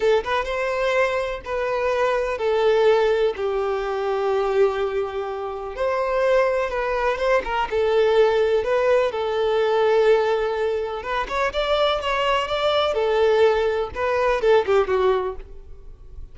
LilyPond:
\new Staff \with { instrumentName = "violin" } { \time 4/4 \tempo 4 = 125 a'8 b'8 c''2 b'4~ | b'4 a'2 g'4~ | g'1 | c''2 b'4 c''8 ais'8 |
a'2 b'4 a'4~ | a'2. b'8 cis''8 | d''4 cis''4 d''4 a'4~ | a'4 b'4 a'8 g'8 fis'4 | }